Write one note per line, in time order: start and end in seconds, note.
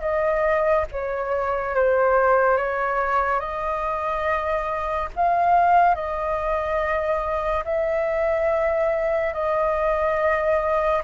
0.00 0.85 D#5
0.91 1.75 C#5
1.75 2.57 C5
2.57 3.40 C#5
3.40 5.09 D#5
5.15 5.95 F5
5.95 7.64 D#5
7.64 9.33 E5
9.33 11.02 D#5